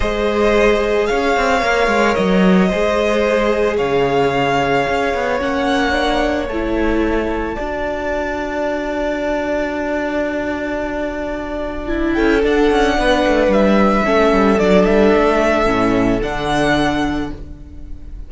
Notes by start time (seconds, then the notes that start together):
0.00 G#3 G#4 C5 D#5
1.06 C#4 C#5 F5
1.36 C4
1.61 A#3 A#4
1.87 G#3
2.14 F#3 D#5
2.68 G#3 G#4 C5
3.77 C#3 C#5 F5
4.88 C#4
5.14 B3
5.39 A#3 C#4 F#5
5.92 D4
6.48 A3 E4 A5
7.55 D4 F#4 D5
11.87 E4
12.14 C#4 A4 G5
12.42 D4 F#5
12.70 C#4
12.98 B3 B4
13.26 A3
13.47 G3 E5
14.04 A3 C#4 A4
14.32 G3
14.58 F#3 D4 D5
14.84 G3 E5
15.14 A3
15.66 A2 C#4
16.22 D3 D4 F#5